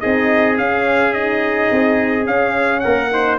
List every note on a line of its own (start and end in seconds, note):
0.00 0.58 C4
0.00 0.57 D#4
0.00 2.82 G#4
0.00 0.56 D#5
0.57 1.13 C#4
0.57 1.70 C#4
0.57 1.13 F5
1.13 2.23 D#4
1.13 2.25 D#5
1.71 2.27 C4
2.23 3.07 C#4
2.23 2.83 C#4
2.23 2.80 F5
2.80 3.38 A#3
2.80 3.11 A#4
2.80 3.36 F#5
3.11 3.38 D#4
3.11 3.38 C5